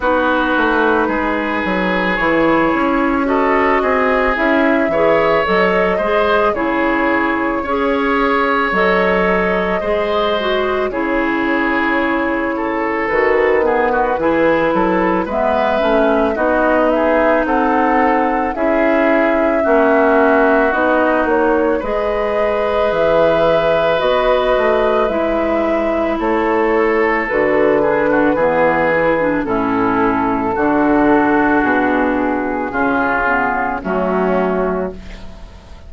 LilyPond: <<
  \new Staff \with { instrumentName = "flute" } { \time 4/4 \tempo 4 = 55 b'2 cis''4 dis''4 | e''4 dis''4 cis''2 | dis''2 cis''2 | b'2 e''4 dis''8 e''8 |
fis''4 e''2 dis''8 cis''8 | dis''4 e''4 dis''4 e''4 | cis''4 b'2 a'4~ | a'4 gis'2 fis'4 | }
  \new Staff \with { instrumentName = "oboe" } { \time 4/4 fis'4 gis'2 a'8 gis'8~ | gis'8 cis''4 c''8 gis'4 cis''4~ | cis''4 c''4 gis'4. a'8~ | a'8 gis'16 fis'16 gis'8 a'8 b'4 fis'8 gis'8 |
a'4 gis'4 fis'2 | b'1 | a'4. gis'16 fis'16 gis'4 e'4 | fis'2 f'4 cis'4 | }
  \new Staff \with { instrumentName = "clarinet" } { \time 4/4 dis'2 e'4 fis'4 | e'8 gis'8 a'8 gis'8 e'4 gis'4 | a'4 gis'8 fis'8 e'2 | fis'8 b8 e'4 b8 cis'8 dis'4~ |
dis'4 e'4 cis'4 dis'4 | gis'2 fis'4 e'4~ | e'4 fis'8 d'8 b8 e'16 d'16 cis'4 | d'2 cis'8 b8 a4 | }
  \new Staff \with { instrumentName = "bassoon" } { \time 4/4 b8 a8 gis8 fis8 e8 cis'4 c'8 | cis'8 e8 fis8 gis8 cis4 cis'4 | fis4 gis4 cis2 | dis4 e8 fis8 gis8 a8 b4 |
c'4 cis'4 ais4 b8 ais8 | gis4 e4 b8 a8 gis4 | a4 d4 e4 a,4 | d4 b,4 cis4 fis4 | }
>>